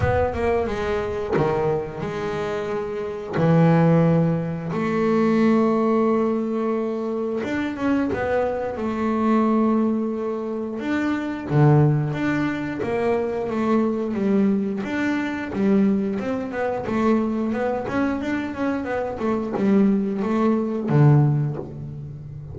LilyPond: \new Staff \with { instrumentName = "double bass" } { \time 4/4 \tempo 4 = 89 b8 ais8 gis4 dis4 gis4~ | gis4 e2 a4~ | a2. d'8 cis'8 | b4 a2. |
d'4 d4 d'4 ais4 | a4 g4 d'4 g4 | c'8 b8 a4 b8 cis'8 d'8 cis'8 | b8 a8 g4 a4 d4 | }